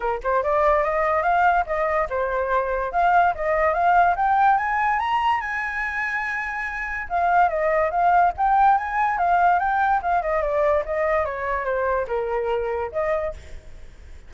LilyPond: \new Staff \with { instrumentName = "flute" } { \time 4/4 \tempo 4 = 144 ais'8 c''8 d''4 dis''4 f''4 | dis''4 c''2 f''4 | dis''4 f''4 g''4 gis''4 | ais''4 gis''2.~ |
gis''4 f''4 dis''4 f''4 | g''4 gis''4 f''4 g''4 | f''8 dis''8 d''4 dis''4 cis''4 | c''4 ais'2 dis''4 | }